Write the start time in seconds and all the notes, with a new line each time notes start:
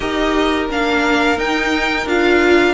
0.00 D#4 G4 A#4 D#5
0.69 A#3 D4 F5
1.37 D#4 G5
2.06 D4 F4 F5